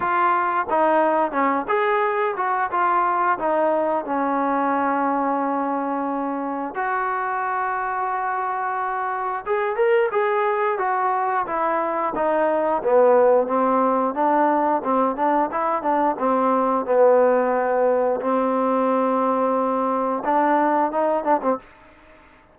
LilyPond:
\new Staff \with { instrumentName = "trombone" } { \time 4/4 \tempo 4 = 89 f'4 dis'4 cis'8 gis'4 fis'8 | f'4 dis'4 cis'2~ | cis'2 fis'2~ | fis'2 gis'8 ais'8 gis'4 |
fis'4 e'4 dis'4 b4 | c'4 d'4 c'8 d'8 e'8 d'8 | c'4 b2 c'4~ | c'2 d'4 dis'8 d'16 c'16 | }